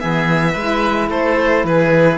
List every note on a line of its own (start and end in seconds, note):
0.00 0.56 E3
0.00 0.56 B3
0.00 0.53 G#4
0.00 1.10 E5
0.53 1.10 G#3
0.53 2.18 E4
0.53 1.08 B4
1.10 1.64 A3
1.10 1.65 A4
1.10 1.66 C5
1.64 2.18 E3
1.64 2.18 G#4
1.64 2.18 B4